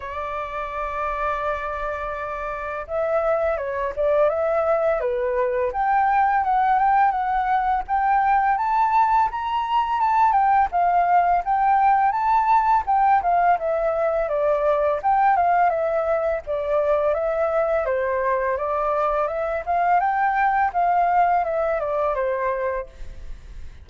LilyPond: \new Staff \with { instrumentName = "flute" } { \time 4/4 \tempo 4 = 84 d''1 | e''4 cis''8 d''8 e''4 b'4 | g''4 fis''8 g''8 fis''4 g''4 | a''4 ais''4 a''8 g''8 f''4 |
g''4 a''4 g''8 f''8 e''4 | d''4 g''8 f''8 e''4 d''4 | e''4 c''4 d''4 e''8 f''8 | g''4 f''4 e''8 d''8 c''4 | }